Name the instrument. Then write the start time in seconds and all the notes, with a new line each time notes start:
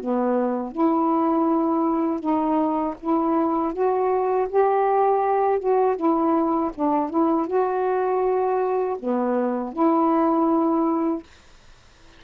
saxophone
0.00 B3
0.72 E4
2.20 D#4
3.01 E4
3.73 F#4
4.49 G4
5.59 F#4
5.96 E4
6.75 D4
7.10 E4
7.47 F#4
8.99 B3
9.73 E4